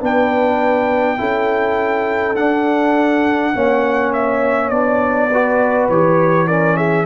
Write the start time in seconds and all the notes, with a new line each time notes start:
0.00 B3 D4 B4 G5
1.18 C#4 E4 A4
2.36 D4 F#5
3.54 A#3 C#4 C#5
4.13 E5
4.70 B3 D4 D5
5.30 F#4 B4
5.89 E3 G4 C#5
6.48 C#4 A#4 D5
6.77 G#4 E5